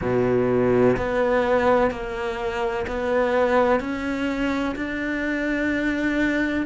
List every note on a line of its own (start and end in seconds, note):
0.01 0.96 B2
0.97 1.90 B3
1.90 2.86 A#3
2.87 3.80 B3
3.80 4.75 C#4
4.75 6.65 D4